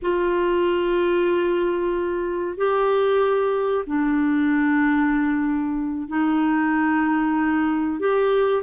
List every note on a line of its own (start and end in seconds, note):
0.02 2.57 F4
2.57 3.85 G4
3.86 6.08 D4
6.08 7.99 D#4
7.99 8.63 G4